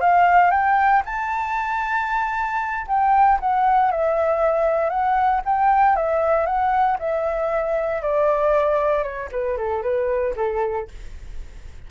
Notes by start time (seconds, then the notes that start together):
0.00 F5
0.51 G5
1.05 A5
2.87 G5
3.40 F#5
3.91 E5
4.89 F#5
5.45 G5
5.96 E5
6.46 F#5
6.99 E5
8.02 D5
9.03 C#5
9.32 B4
9.57 A4
9.82 B4
10.36 A4